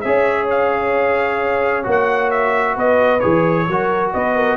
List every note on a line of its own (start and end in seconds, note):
0.00 1.86 C#4
0.00 1.83 G#4
0.00 2.73 C#5
0.00 0.45 E5
0.50 1.86 F5
1.83 2.76 A#3
1.83 3.19 F#4
1.90 2.30 F#5
2.30 2.76 E5
2.73 3.22 B3
2.73 3.64 B4
2.73 3.19 D#5
3.19 3.67 E3
3.19 3.67 G#4
3.19 4.10 C#5
3.67 4.13 F#3
3.67 4.56 F#4
3.67 4.14 A#4
4.13 4.56 B3
4.13 4.35 B4
4.13 4.56 D#5
4.35 4.56 A#4